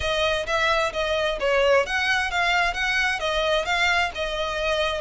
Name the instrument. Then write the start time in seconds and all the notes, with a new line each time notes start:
violin
0.00 D#5
0.46 E5
0.92 D#5
1.40 C#5
1.85 F#5
2.30 F5
2.73 F#5
3.19 D#5
3.65 F5
4.14 D#5